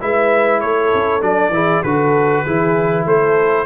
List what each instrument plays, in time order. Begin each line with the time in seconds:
0.00 tuba G#3, trombone E4, horn B4, trumpet E5
0.60 tuba A3, horn A4, trumpet C#5
0.94 tuba C#4
1.21 tuba F#3, trombone D4, trumpet D5
1.49 tuba E3, trombone E4, horn G#4
1.83 tuba D3, trombone F#4, horn A4, trumpet B4
2.43 tuba E3, trombone E4, horn G#4
3.05 tuba A3, horn A4, trumpet C5